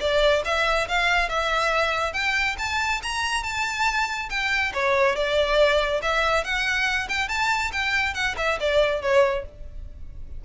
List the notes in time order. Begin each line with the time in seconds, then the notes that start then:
0.00 D5
0.45 E5
0.88 F5
1.29 E5
2.13 G5
2.58 A5
3.03 A#5
3.43 A5
4.30 G5
4.74 C#5
5.16 D5
6.02 E5
6.44 F#5
7.09 G5
7.29 A5
7.72 G5
8.14 F#5
8.37 E5
8.60 D5
9.02 C#5